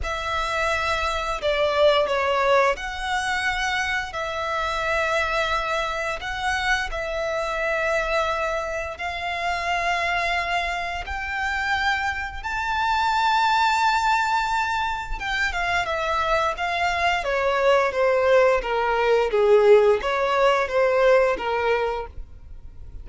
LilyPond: \new Staff \with { instrumentName = "violin" } { \time 4/4 \tempo 4 = 87 e''2 d''4 cis''4 | fis''2 e''2~ | e''4 fis''4 e''2~ | e''4 f''2. |
g''2 a''2~ | a''2 g''8 f''8 e''4 | f''4 cis''4 c''4 ais'4 | gis'4 cis''4 c''4 ais'4 | }